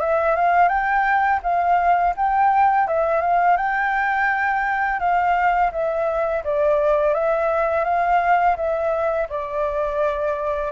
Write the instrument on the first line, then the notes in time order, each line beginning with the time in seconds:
flute
0.00 E5
0.36 F5
0.69 G5
1.43 F5
2.16 G5
2.88 E5
3.21 F5
3.57 G5
4.99 F5
5.72 E5
6.44 D5
7.14 E5
7.84 F5
8.56 E5
9.29 D5